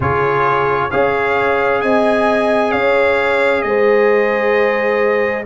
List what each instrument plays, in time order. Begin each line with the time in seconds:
0.00 tuba C#3, trombone F4, horn G#4, trumpet C#5
0.90 tuba C#4, trombone G#4, horn C#5, trumpet F5
1.81 tuba C4, horn D#5, trumpet G#5
2.71 tuba C#4, horn C#5, trumpet F5
3.62 tuba G#3, horn C5, trumpet D#5